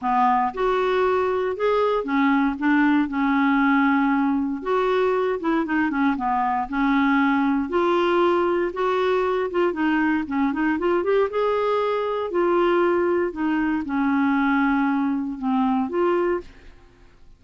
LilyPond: \new Staff \with { instrumentName = "clarinet" } { \time 4/4 \tempo 4 = 117 b4 fis'2 gis'4 | cis'4 d'4 cis'2~ | cis'4 fis'4. e'8 dis'8 cis'8 | b4 cis'2 f'4~ |
f'4 fis'4. f'8 dis'4 | cis'8 dis'8 f'8 g'8 gis'2 | f'2 dis'4 cis'4~ | cis'2 c'4 f'4 | }